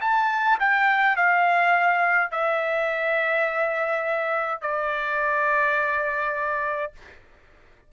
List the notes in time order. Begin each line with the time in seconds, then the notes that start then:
0.00 A5
0.59 G5
1.16 F5
2.31 E5
4.62 D5